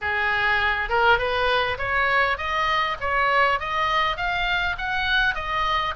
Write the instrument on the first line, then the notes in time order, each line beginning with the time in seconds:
oboe
0.01 G#4
0.89 A#4
1.18 B4
1.78 C#5
2.37 D#5
3.00 C#5
3.59 D#5
4.16 F5
4.77 F#5
5.34 D#5